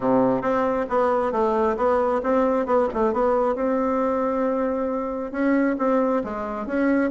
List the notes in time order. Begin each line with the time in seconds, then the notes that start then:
0.00 C3
0.41 C4
0.89 B3
1.32 A3
1.76 B3
2.23 C4
2.65 B3
2.93 A3
3.13 B3
3.55 C4
5.31 C#4
5.78 C4
6.24 G#3
6.66 C#4